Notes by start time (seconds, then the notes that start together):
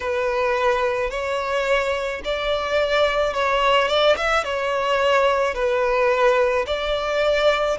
0.00 B4
1.10 C#5
2.24 D5
3.33 C#5
3.88 D5
4.16 E5
4.44 C#5
5.54 B4
6.66 D5